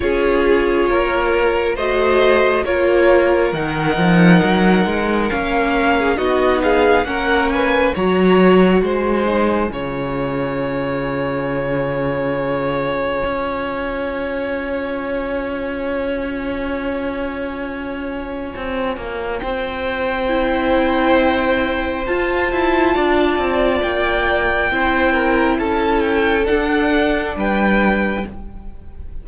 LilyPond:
<<
  \new Staff \with { instrumentName = "violin" } { \time 4/4 \tempo 4 = 68 cis''2 dis''4 cis''4 | fis''2 f''4 dis''8 f''8 | fis''8 gis''8 ais''4 gis''2~ | gis''1~ |
gis''1~ | gis''2 g''2~ | g''4 a''2 g''4~ | g''4 a''8 g''8 fis''4 g''4 | }
  \new Staff \with { instrumentName = "violin" } { \time 4/4 gis'4 ais'4 c''4 ais'4~ | ais'2~ ais'8. gis'16 fis'8 gis'8 | ais'8 b'8 cis''4 c''4 cis''4~ | cis''1~ |
cis''1~ | cis''2 c''2~ | c''2 d''2 | c''8 ais'8 a'2 b'4 | }
  \new Staff \with { instrumentName = "viola" } { \time 4/4 f'2 fis'4 f'4 | dis'2 cis'4 dis'4 | cis'4 fis'4. dis'8 f'4~ | f'1~ |
f'1~ | f'2. e'4~ | e'4 f'2. | e'2 d'2 | }
  \new Staff \with { instrumentName = "cello" } { \time 4/4 cis'4 ais4 a4 ais4 | dis8 f8 fis8 gis8 ais4 b4 | ais4 fis4 gis4 cis4~ | cis2. cis'4~ |
cis'1~ | cis'4 c'8 ais8 c'2~ | c'4 f'8 e'8 d'8 c'8 ais4 | c'4 cis'4 d'4 g4 | }
>>